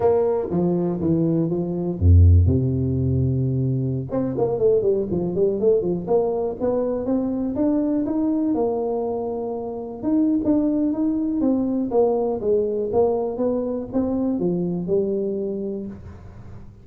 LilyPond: \new Staff \with { instrumentName = "tuba" } { \time 4/4 \tempo 4 = 121 ais4 f4 e4 f4 | f,4 c2.~ | c16 c'8 ais8 a8 g8 f8 g8 a8 f16~ | f16 ais4 b4 c'4 d'8.~ |
d'16 dis'4 ais2~ ais8.~ | ais16 dis'8. d'4 dis'4 c'4 | ais4 gis4 ais4 b4 | c'4 f4 g2 | }